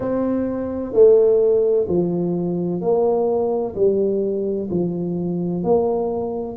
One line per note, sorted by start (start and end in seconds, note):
0.00 0.93 C4
0.93 1.87 A3
1.88 2.81 F3
2.81 3.75 A#3
3.75 4.69 G3
4.70 5.63 F3
5.63 6.57 A#3